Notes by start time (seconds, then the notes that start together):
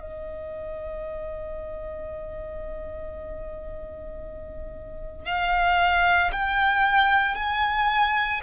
0.00 D#5
5.26 F5
6.33 G5
7.35 G#5